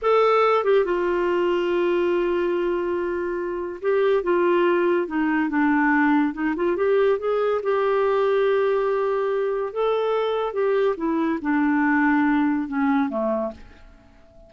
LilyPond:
\new Staff \with { instrumentName = "clarinet" } { \time 4/4 \tempo 4 = 142 a'4. g'8 f'2~ | f'1~ | f'4 g'4 f'2 | dis'4 d'2 dis'8 f'8 |
g'4 gis'4 g'2~ | g'2. a'4~ | a'4 g'4 e'4 d'4~ | d'2 cis'4 a4 | }